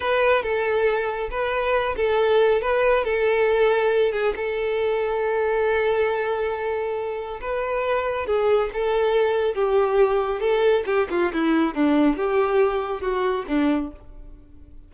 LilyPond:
\new Staff \with { instrumentName = "violin" } { \time 4/4 \tempo 4 = 138 b'4 a'2 b'4~ | b'8 a'4. b'4 a'4~ | a'4. gis'8 a'2~ | a'1~ |
a'4 b'2 gis'4 | a'2 g'2 | a'4 g'8 f'8 e'4 d'4 | g'2 fis'4 d'4 | }